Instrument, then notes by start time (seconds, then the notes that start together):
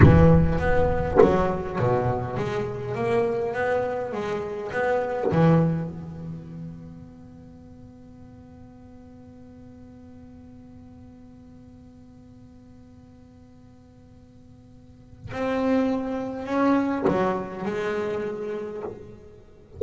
double bass
0.02 E3
0.58 B3
1.21 F#3
1.78 B2
2.36 G#3
2.94 A#3
3.53 B3
4.12 G#3
4.72 B3
5.31 E3
5.89 B3
15.31 C4
16.45 C#4
17.07 F#3
17.65 G#3